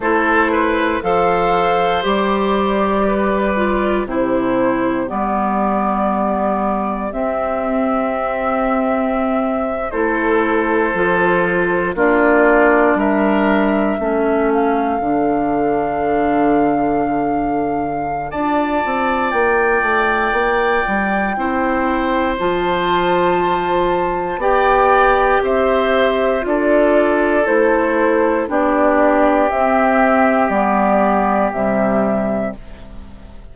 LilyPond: <<
  \new Staff \with { instrumentName = "flute" } { \time 4/4 \tempo 4 = 59 c''4 f''4 d''2 | c''4 d''2 e''4~ | e''4.~ e''16 c''2 d''16~ | d''8. e''4. f''4.~ f''16~ |
f''2 a''4 g''4~ | g''2 a''2 | g''4 e''4 d''4 c''4 | d''4 e''4 d''4 e''4 | }
  \new Staff \with { instrumentName = "oboe" } { \time 4/4 a'8 b'8 c''2 b'4 | g'1~ | g'4.~ g'16 a'2 f'16~ | f'8. ais'4 a'2~ a'16~ |
a'2 d''2~ | d''4 c''2. | d''4 c''4 a'2 | g'1 | }
  \new Staff \with { instrumentName = "clarinet" } { \time 4/4 e'4 a'4 g'4. f'8 | e'4 b2 c'4~ | c'4.~ c'16 e'4 f'4 d'16~ | d'4.~ d'16 cis'4 d'4~ d'16~ |
d'2 f'2~ | f'4 e'4 f'2 | g'2 f'4 e'4 | d'4 c'4 b4 g4 | }
  \new Staff \with { instrumentName = "bassoon" } { \time 4/4 a4 f4 g2 | c4 g2 c'4~ | c'4.~ c'16 a4 f4 ais16~ | ais8. g4 a4 d4~ d16~ |
d2 d'8 c'8 ais8 a8 | ais8 g8 c'4 f2 | b4 c'4 d'4 a4 | b4 c'4 g4 c4 | }
>>